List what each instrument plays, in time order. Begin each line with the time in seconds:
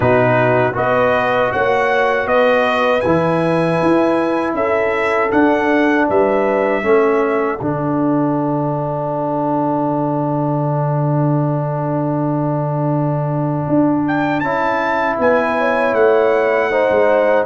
0.00 tuba B2, trombone D#4, horn F#4, trumpet B4
0.73 tuba B3, trombone F#4, horn B4, trumpet D#5
1.52 tuba A#3, horn C#5, trumpet F#5
2.25 tuba B3, horn B4, trumpet D#5
3.00 tuba E3, trombone E4, trumpet G#5
3.82 tuba E4
4.54 tuba C#4, horn A4, trumpet E5
5.31 trombone D4, tuba D4, trumpet F#5
6.08 tuba G3, horn B4, trumpet E5
6.83 tuba A3, trombone C#4, horn A4
7.59 tuba D3, trombone D4, trumpet F#5
13.67 tuba D4
14.07 trumpet G5
14.40 tuba C#4, trombone E4, trumpet A5
15.19 tuba B3, horn B4, trumpet G#5
15.58 horn C#5
15.93 tuba A3, trumpet F#5
16.70 trombone D#4, horn C5
16.90 tuba G#3